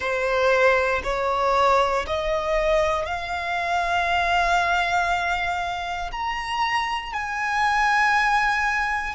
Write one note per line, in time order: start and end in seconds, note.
0.00 1.01 C5
1.04 2.05 C#5
2.07 3.05 D#5
3.05 6.10 F5
6.11 7.13 A#5
7.13 9.14 G#5